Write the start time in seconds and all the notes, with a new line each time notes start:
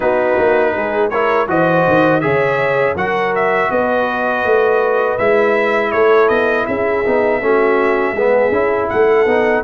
0.00 B3 D#4 F#4 B4
0.38 A#3
0.74 G#3 G#4
1.09 E4 A#4 C#5
1.47 E3 F#4 C5 D#5
1.87 D#3
2.20 C#3 G#4 C#5 E5
2.95 F#3 F#4 A#4 F#5
3.35 E5
3.70 B3 B4 D#5
4.44 A3
5.18 G#3 E4 E5
5.91 A3 A4 C#5
6.28 B3 D#5
6.65 C#4 G#4 E5
7.05 B3 D#4
7.41 A3 C#4 F#4
8.13 G#3 B3 G#4
8.51 C#4 E4
8.89 A3 A4 F#5
9.25 B3 D#4